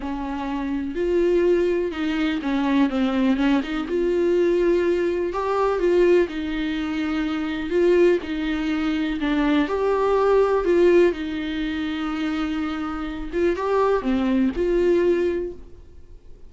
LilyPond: \new Staff \with { instrumentName = "viola" } { \time 4/4 \tempo 4 = 124 cis'2 f'2 | dis'4 cis'4 c'4 cis'8 dis'8 | f'2. g'4 | f'4 dis'2. |
f'4 dis'2 d'4 | g'2 f'4 dis'4~ | dis'2.~ dis'8 f'8 | g'4 c'4 f'2 | }